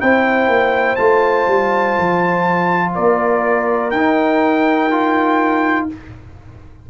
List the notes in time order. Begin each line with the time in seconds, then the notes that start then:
0.00 C4 E4 C5 G5
0.48 A#3
0.96 A3 F4 A5
1.47 G3
1.99 F3
2.95 A#3 A#4 D5
3.91 D#4 G5
3.97 D#4
4.91 F4